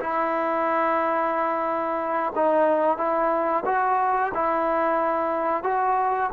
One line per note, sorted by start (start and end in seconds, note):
0.00 2.33 E4
2.36 2.98 D#4
2.98 3.64 E4
3.66 4.32 F#4
4.34 5.64 E4
5.64 6.31 F#4